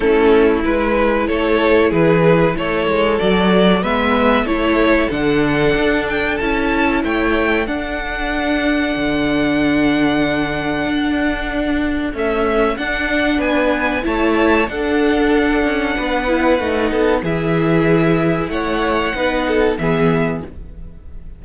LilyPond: <<
  \new Staff \with { instrumentName = "violin" } { \time 4/4 \tempo 4 = 94 a'4 b'4 cis''4 b'4 | cis''4 d''4 e''4 cis''4 | fis''4. g''8 a''4 g''4 | fis''1~ |
fis''2. e''4 | fis''4 gis''4 a''4 fis''4~ | fis''2. e''4~ | e''4 fis''2 e''4 | }
  \new Staff \with { instrumentName = "violin" } { \time 4/4 e'2 a'4 gis'4 | a'2 b'4 a'4~ | a'2. cis''4 | a'1~ |
a'1~ | a'4 b'4 cis''4 a'4~ | a'4 b'4. a'8 gis'4~ | gis'4 cis''4 b'8 a'8 gis'4 | }
  \new Staff \with { instrumentName = "viola" } { \time 4/4 cis'4 e'2.~ | e'4 fis'4 b4 e'4 | d'2 e'2 | d'1~ |
d'2. a4 | d'2 e'4 d'4~ | d'4. e'8 dis'4 e'4~ | e'2 dis'4 b4 | }
  \new Staff \with { instrumentName = "cello" } { \time 4/4 a4 gis4 a4 e4 | a8 gis8 fis4 gis4 a4 | d4 d'4 cis'4 a4 | d'2 d2~ |
d4 d'2 cis'4 | d'4 b4 a4 d'4~ | d'8 cis'8 b4 a8 b8 e4~ | e4 a4 b4 e4 | }
>>